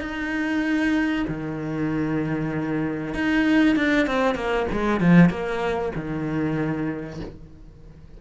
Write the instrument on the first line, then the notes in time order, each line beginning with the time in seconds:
cello
0.00 D#4
1.27 D#3
3.14 D#4
3.75 D4
4.07 C4
4.35 A#3
4.71 G#3
5.00 F3
5.29 A#3
5.95 D#3